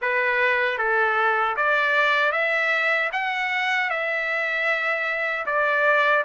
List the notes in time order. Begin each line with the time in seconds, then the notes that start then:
0.01 B4
0.78 A4
1.56 D5
2.32 E5
3.12 F#5
3.90 E5
5.46 D5